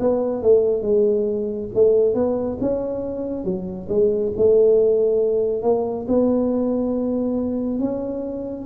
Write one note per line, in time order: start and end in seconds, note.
0.00 0.43 B3
0.43 0.82 A3
0.82 1.69 G#3
1.75 2.15 A3
2.15 2.58 B3
2.61 3.45 C#4
3.45 3.88 F#3
3.89 4.32 G#3
4.37 5.63 A3
5.63 6.06 A#3
6.08 7.79 B3
7.79 8.66 C#4